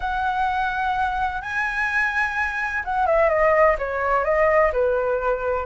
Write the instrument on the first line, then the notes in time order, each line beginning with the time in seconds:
flute
0.00 F#5
1.41 G#5
2.84 F#5
3.06 E5
3.29 D#5
3.78 C#5
4.24 D#5
4.72 B4